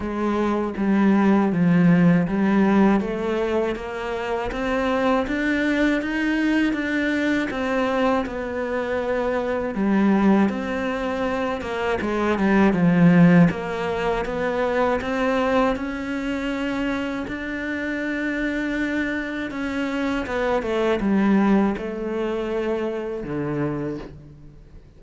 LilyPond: \new Staff \with { instrumentName = "cello" } { \time 4/4 \tempo 4 = 80 gis4 g4 f4 g4 | a4 ais4 c'4 d'4 | dis'4 d'4 c'4 b4~ | b4 g4 c'4. ais8 |
gis8 g8 f4 ais4 b4 | c'4 cis'2 d'4~ | d'2 cis'4 b8 a8 | g4 a2 d4 | }